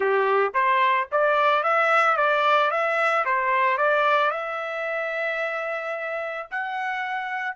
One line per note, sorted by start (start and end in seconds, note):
0.00 0.52 G4
0.54 1.08 C5
1.11 1.63 D5
1.63 2.16 E5
2.16 2.71 D5
2.71 3.25 E5
3.25 3.77 C5
3.77 4.30 D5
4.30 6.47 E5
6.51 7.56 F#5